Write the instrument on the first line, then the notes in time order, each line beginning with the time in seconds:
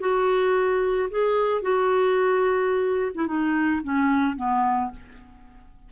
clarinet
0.00 F#4
1.11 G#4
1.62 F#4
3.15 E4
3.27 D#4
3.84 C#4
4.36 B3